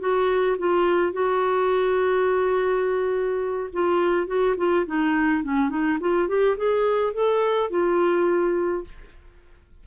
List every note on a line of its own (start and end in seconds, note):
0.00 0.57 F#4
0.58 1.13 F4
1.13 3.70 F#4
3.73 4.27 F4
4.27 4.56 F#4
4.57 4.86 F4
4.86 5.44 D#4
5.44 5.70 C#4
5.70 5.98 D#4
6.01 6.28 F4
6.28 6.57 G4
6.57 7.14 G#4
7.14 7.70 A4
7.70 8.85 F4